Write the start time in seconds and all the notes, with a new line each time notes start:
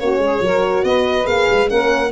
0.00 A#3 C#4 F#4 C#5
0.18 G#3 G#4
0.41 F#3 F#4 A#4
0.83 B3 B4 D#5
1.24 A#3 G#4 F5
1.51 G#3
1.68 A#3 C#4 A#4 F#5